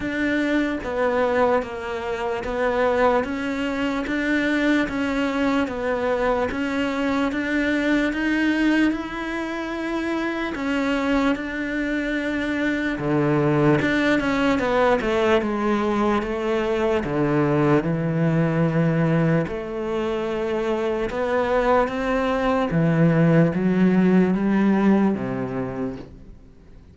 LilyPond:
\new Staff \with { instrumentName = "cello" } { \time 4/4 \tempo 4 = 74 d'4 b4 ais4 b4 | cis'4 d'4 cis'4 b4 | cis'4 d'4 dis'4 e'4~ | e'4 cis'4 d'2 |
d4 d'8 cis'8 b8 a8 gis4 | a4 d4 e2 | a2 b4 c'4 | e4 fis4 g4 c4 | }